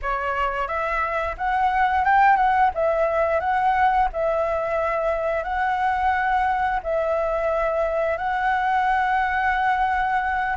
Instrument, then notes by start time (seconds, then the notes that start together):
flute
0.02 C#5
0.67 E5
1.37 F#5
2.04 G5
2.36 F#5
2.74 E5
3.40 F#5
4.12 E5
5.43 F#5
6.83 E5
8.17 F#5